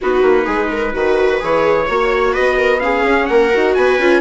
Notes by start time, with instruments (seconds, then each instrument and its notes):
0.01 bassoon B3, viola D#4 F#4, trumpet B4
0.22 bassoon A#3
0.45 bassoon G#3, viola G#4
0.71 viola A#4
0.93 bassoon D#3, viola F#4 B4
1.39 bassoon E3, viola G#4, trumpet C#5
1.86 bassoon A#3, viola F#4 C#5
2.32 bassoon B3, viola B4, trumpet D#5
2.57 viola A#4
2.79 viola C#4 G#4, trumpet F5
3.03 bassoon C#4
3.26 bassoon A#3, viola A#4, trumpet F#5
3.53 bassoon D#4, viola F#4
3.74 bassoon B3, viola B4, trumpet G#5
3.98 bassoon C#4, viola F4